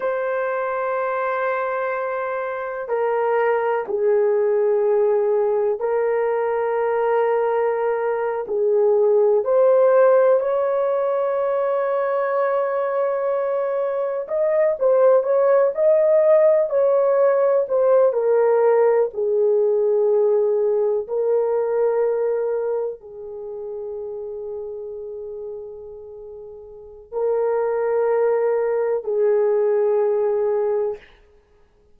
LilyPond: \new Staff \with { instrumentName = "horn" } { \time 4/4 \tempo 4 = 62 c''2. ais'4 | gis'2 ais'2~ | ais'8. gis'4 c''4 cis''4~ cis''16~ | cis''2~ cis''8. dis''8 c''8 cis''16~ |
cis''16 dis''4 cis''4 c''8 ais'4 gis'16~ | gis'4.~ gis'16 ais'2 gis'16~ | gis'1 | ais'2 gis'2 | }